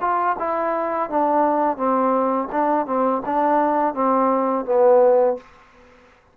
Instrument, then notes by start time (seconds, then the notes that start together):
trombone
0.00 F4
0.39 E4
1.09 D4
1.76 C4
2.52 D4
2.86 C4
3.25 D4
3.94 C4
4.65 B3